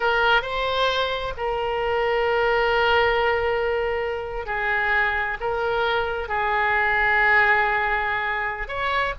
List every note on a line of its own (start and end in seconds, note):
0.00 0.42 A#4
0.42 1.33 C5
1.37 4.46 A#4
4.46 5.37 G#4
5.40 6.28 A#4
6.28 8.68 G#4
8.68 9.13 C#5